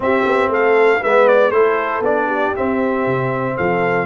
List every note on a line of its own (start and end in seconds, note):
0.00 0.24 C4
0.00 0.99 C4
0.00 0.50 G4
0.00 0.52 E5
0.25 0.48 B3
0.48 0.99 A3
0.48 1.00 A4
0.48 1.03 F5
1.00 1.51 G#3
1.00 1.52 B3
1.00 1.50 B4
1.00 1.28 E5
1.28 1.51 D5
1.50 2.00 A3
1.50 2.03 E4
1.50 2.26 A4
1.50 2.02 C5
2.00 2.51 B3
2.00 2.55 D4
2.00 2.55 D5
2.26 3.53 G4
2.55 4.06 C4
2.55 3.06 C4
2.55 3.57 E5
3.06 3.56 C3
3.56 4.06 F3
3.56 4.06 A4
3.56 4.06 F5